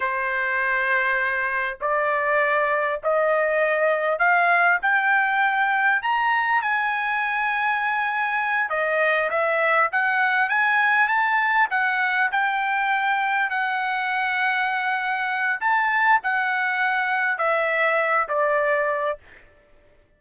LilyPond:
\new Staff \with { instrumentName = "trumpet" } { \time 4/4 \tempo 4 = 100 c''2. d''4~ | d''4 dis''2 f''4 | g''2 ais''4 gis''4~ | gis''2~ gis''8 dis''4 e''8~ |
e''8 fis''4 gis''4 a''4 fis''8~ | fis''8 g''2 fis''4.~ | fis''2 a''4 fis''4~ | fis''4 e''4. d''4. | }